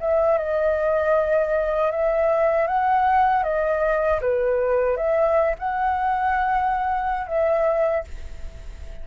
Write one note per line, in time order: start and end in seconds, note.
0.00 0.38 E5
0.38 1.91 D#5
1.91 2.67 E5
2.67 3.43 F#5
3.43 4.20 D#5
4.21 4.97 B4
4.97 5.55 E5
5.59 7.27 F#5
7.27 8.04 E5